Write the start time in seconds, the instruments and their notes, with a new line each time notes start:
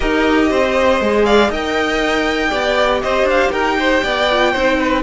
0.00 cello D#4, viola G4, violin A#4 D#5
0.50 cello C4, violin C5
1.00 cello G#3, viola G#4
1.25 violin D5 F5
1.49 cello D#4, viola A#4, violin D#5 G5
2.48 cello B3, viola G4, violin D5
3.02 cello C4, violin C5 D#5
3.23 cello D4
3.30 violin F5
3.51 cello D#4, violin A#4 G5
3.79 violin C5
4.03 cello B3, violin D5
4.31 viola F4
4.52 cello C4, viola D#4, violin C5
4.78 violin B4